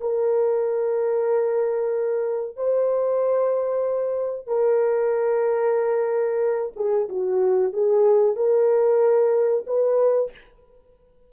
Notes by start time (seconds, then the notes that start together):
0.00 A#4
2.56 C5
4.46 A#4
6.76 G#4
7.08 F#4
7.72 G#4
8.35 A#4
9.66 B4